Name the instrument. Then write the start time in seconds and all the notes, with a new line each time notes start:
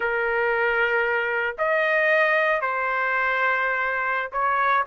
trumpet
0.00 A#4
1.58 D#5
2.61 C5
4.32 C#5